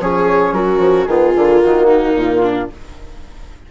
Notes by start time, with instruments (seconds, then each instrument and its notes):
0.00 bassoon F3, trombone C#4, viola G#4, flute C#5
0.52 bassoon F#3, viola F#4, flute A#4
0.78 bassoon F3
1.05 bassoon D#3, trombone B3, viola F4, flute G#4
1.35 bassoon D3, trombone A#3
1.59 bassoon D#3, flute F#4
1.87 viola D#4
2.14 bassoon A#2, flute F4
2.43 viola D4